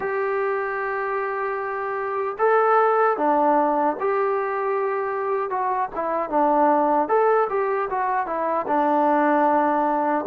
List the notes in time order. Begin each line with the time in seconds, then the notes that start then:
0.00 G4
2.38 A4
3.17 D4
3.99 G4
5.49 F#4
5.95 E4
6.29 D4
7.08 A4
7.49 G4
7.89 F#4
8.26 E4
8.67 D4